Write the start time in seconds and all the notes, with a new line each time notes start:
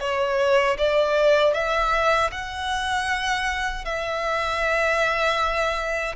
0.00 C#5
0.78 D5
1.53 E5
2.31 F#5
3.85 E5